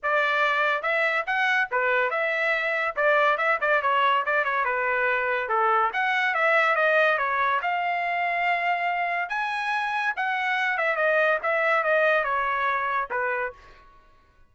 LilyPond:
\new Staff \with { instrumentName = "trumpet" } { \time 4/4 \tempo 4 = 142 d''2 e''4 fis''4 | b'4 e''2 d''4 | e''8 d''8 cis''4 d''8 cis''8 b'4~ | b'4 a'4 fis''4 e''4 |
dis''4 cis''4 f''2~ | f''2 gis''2 | fis''4. e''8 dis''4 e''4 | dis''4 cis''2 b'4 | }